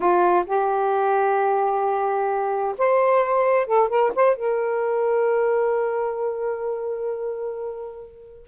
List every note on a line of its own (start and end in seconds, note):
0.00 0.44 F4
0.46 2.75 G4
2.78 3.66 C5
3.66 3.88 A4
3.88 4.11 A#4
4.15 4.36 C5
4.36 8.47 A#4